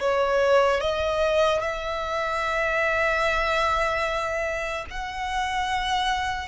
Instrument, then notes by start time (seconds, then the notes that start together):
violin
0.00 C#5
0.81 D#5
1.61 E5
4.91 F#5